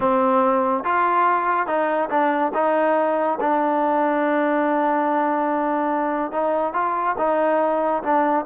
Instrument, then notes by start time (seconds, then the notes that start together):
trombone
0.00 C4
0.84 F4
1.66 D#4
2.10 D4
2.54 D#4
3.40 D4
6.31 D#4
6.73 F4
7.18 D#4
8.03 D4